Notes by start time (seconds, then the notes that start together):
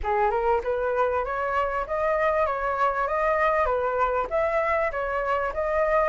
0.03 G#4
0.30 A#4
0.63 B4
1.24 C#5
1.86 D#5
2.46 C#5
3.07 D#5
3.65 B4
4.30 E5
4.91 C#5
5.53 D#5